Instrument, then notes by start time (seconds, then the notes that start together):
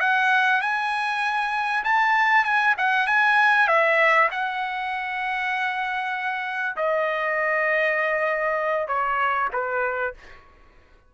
trumpet
0.00 F#5
0.61 G#5
1.84 A5
2.44 G#5
2.77 F#5
3.07 G#5
3.68 E5
4.31 F#5
6.76 D#5
8.87 C#5
9.53 B4